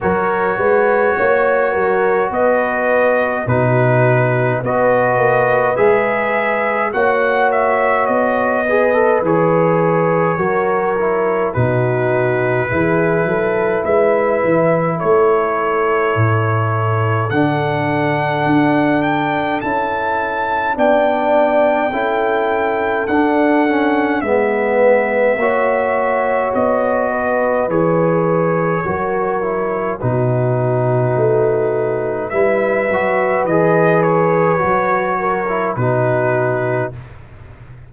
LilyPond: <<
  \new Staff \with { instrumentName = "trumpet" } { \time 4/4 \tempo 4 = 52 cis''2 dis''4 b'4 | dis''4 e''4 fis''8 e''8 dis''4 | cis''2 b'2 | e''4 cis''2 fis''4~ |
fis''8 g''8 a''4 g''2 | fis''4 e''2 dis''4 | cis''2 b'2 | e''4 dis''8 cis''4. b'4 | }
  \new Staff \with { instrumentName = "horn" } { \time 4/4 ais'8 b'8 cis''8 ais'8 b'4 fis'4 | b'2 cis''4. b'8~ | b'4 ais'4 fis'4 gis'8 a'8 | b'4 a'2.~ |
a'2 d''4 a'4~ | a'4 b'4 cis''4. b'8~ | b'4 ais'4 fis'2 | b'2~ b'8 ais'8 fis'4 | }
  \new Staff \with { instrumentName = "trombone" } { \time 4/4 fis'2. dis'4 | fis'4 gis'4 fis'4. gis'16 a'16 | gis'4 fis'8 e'8 dis'4 e'4~ | e'2. d'4~ |
d'4 e'4 d'4 e'4 | d'8 cis'8 b4 fis'2 | gis'4 fis'8 e'8 dis'2 | e'8 fis'8 gis'4 fis'8. e'16 dis'4 | }
  \new Staff \with { instrumentName = "tuba" } { \time 4/4 fis8 gis8 ais8 fis8 b4 b,4 | b8 ais8 gis4 ais4 b4 | e4 fis4 b,4 e8 fis8 | gis8 e8 a4 a,4 d4 |
d'4 cis'4 b4 cis'4 | d'4 gis4 ais4 b4 | e4 fis4 b,4 a4 | g8 fis8 e4 fis4 b,4 | }
>>